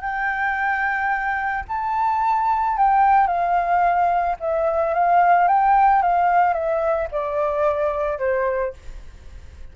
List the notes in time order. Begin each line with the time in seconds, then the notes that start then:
0.00 G5
1.68 A5
2.77 G5
3.27 F5
4.39 E5
4.94 F5
5.47 G5
6.02 F5
6.53 E5
7.11 D5
8.18 C5